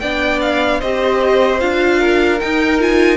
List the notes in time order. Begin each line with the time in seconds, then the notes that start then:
0.00 B3 D4 D5 G5
0.42 F5
0.80 C4 G4 C5 D#5
1.60 D4 F4 F5
2.00 A#4
2.40 D#4 G5
2.80 F4 G#5